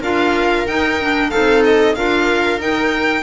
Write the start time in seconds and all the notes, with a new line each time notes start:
0.00 D4 F4 A#4 F5
0.66 D#4 G5
1.00 D4
1.30 C4 D#4 A4 F5
1.64 D#5
1.94 D4 F4 A#4 F5
2.59 D#4 G5